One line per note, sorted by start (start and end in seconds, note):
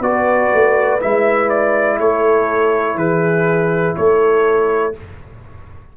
0.00 0.49 B3
0.00 1.00 F#4
0.00 1.99 B4
0.00 1.01 D5
0.53 1.02 A3
1.00 1.99 G#3
1.00 4.93 E4
1.00 1.49 E5
1.49 1.98 D5
1.99 2.95 A3
1.99 2.97 A4
1.99 2.98 C#5
2.95 3.94 E3
2.95 3.96 G#4
2.95 3.96 B4
3.96 4.96 A3
3.96 4.97 A4
3.96 4.95 C#5